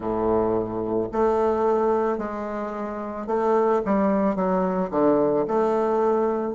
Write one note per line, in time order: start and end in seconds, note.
0.00 1.07 A2
1.12 2.18 A3
2.18 3.27 G#3
3.27 3.81 A3
3.85 4.35 G3
4.35 4.90 F#3
4.90 5.45 D3
5.47 6.54 A3